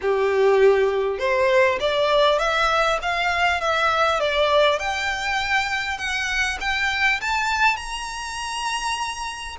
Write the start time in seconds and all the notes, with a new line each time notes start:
0.01 G4
1.18 C5
1.80 D5
2.38 E5
3.02 F5
3.60 E5
4.20 D5
4.79 G5
5.98 F#5
6.60 G5
7.20 A5
7.76 A#5